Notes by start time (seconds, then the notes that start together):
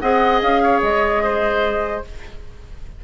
0.00 C4 G#4 D#5 F#5
0.42 C#4 F5
0.63 C#5
0.82 G#3 D#5
1.23 C5